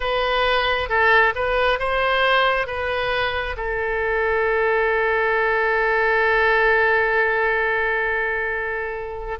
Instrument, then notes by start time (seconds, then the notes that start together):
oboe
0.00 B4
0.89 A4
1.35 B4
1.79 C5
2.66 B4
3.56 A4